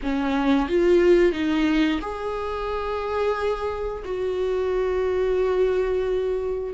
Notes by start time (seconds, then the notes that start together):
0.02 C#4
0.68 F4
1.32 D#4
2.01 G#4
4.04 F#4